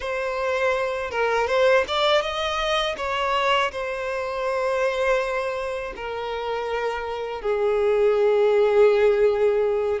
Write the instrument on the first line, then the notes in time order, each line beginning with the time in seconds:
violin
0.00 C5
1.10 A#4
1.47 C5
1.87 D5
2.21 D#5
2.97 C#5
3.71 C5
5.96 A#4
7.41 G#4